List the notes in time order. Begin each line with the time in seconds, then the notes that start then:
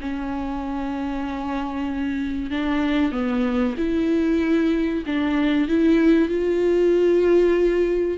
0.00 C#4
2.50 D4
3.11 B3
3.77 E4
5.06 D4
5.68 E4
6.28 F4